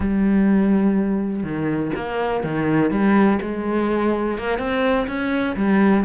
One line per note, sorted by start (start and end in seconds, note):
0.00 1.43 G3
1.43 1.91 D#3
1.95 2.43 A#3
2.43 2.90 D#3
2.90 3.39 G3
3.41 4.38 G#3
4.38 4.58 A#3
4.58 5.07 C4
5.07 5.55 C#4
5.56 6.04 G3